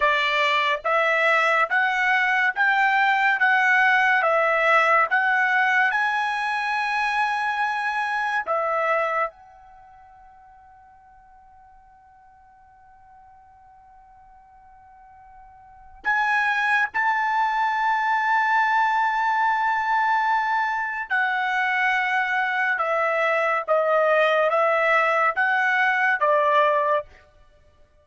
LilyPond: \new Staff \with { instrumentName = "trumpet" } { \time 4/4 \tempo 4 = 71 d''4 e''4 fis''4 g''4 | fis''4 e''4 fis''4 gis''4~ | gis''2 e''4 fis''4~ | fis''1~ |
fis''2. gis''4 | a''1~ | a''4 fis''2 e''4 | dis''4 e''4 fis''4 d''4 | }